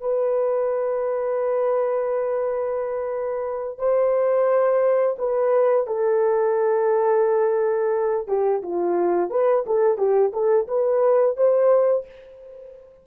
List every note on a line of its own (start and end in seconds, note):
0.00 3.78 B4
3.78 5.16 C5
5.18 5.86 B4
5.86 8.27 A4
8.27 8.61 G4
8.62 9.30 F4
9.30 9.64 B4
9.66 9.97 A4
9.97 10.32 G4
10.33 10.67 A4
10.67 11.36 B4
11.36 12.05 C5